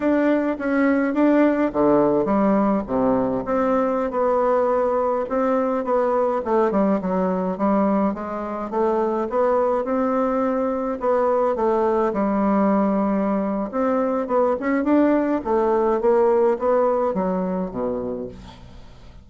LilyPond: \new Staff \with { instrumentName = "bassoon" } { \time 4/4 \tempo 4 = 105 d'4 cis'4 d'4 d4 | g4 c4 c'4~ c'16 b8.~ | b4~ b16 c'4 b4 a8 g16~ | g16 fis4 g4 gis4 a8.~ |
a16 b4 c'2 b8.~ | b16 a4 g2~ g8. | c'4 b8 cis'8 d'4 a4 | ais4 b4 fis4 b,4 | }